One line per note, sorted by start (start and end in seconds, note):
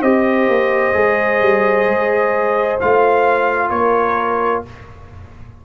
0.00 0.47 C4
0.00 0.93 G4
0.00 3.69 C5
0.00 2.78 D#5
0.48 0.94 A#3
0.93 1.41 G#3
0.93 2.77 G#4
1.41 1.87 G3
1.87 2.79 G#3
2.80 3.69 A3
2.80 4.65 F4
2.80 3.70 F5
3.69 4.62 A#3
3.69 4.65 A#4
3.69 4.62 C#5